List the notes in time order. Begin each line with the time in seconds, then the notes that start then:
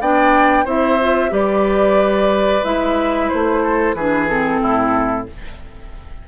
0.00 B3 D4 D5 G5
0.65 C4 E4 C5 E5
1.00 F4
1.30 G3 G4 B4 D5
2.64 G#3 E4 E5
3.29 A3 C5
3.62 A4
3.94 E3 D4 G#4 B4
4.28 C4 A4
4.61 A2 E4